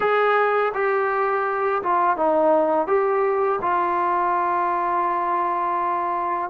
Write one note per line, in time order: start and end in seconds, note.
0.00 0.72 G#4
0.74 1.82 G4
1.82 2.17 F4
2.17 2.87 D#4
2.87 3.59 G4
3.61 6.50 F4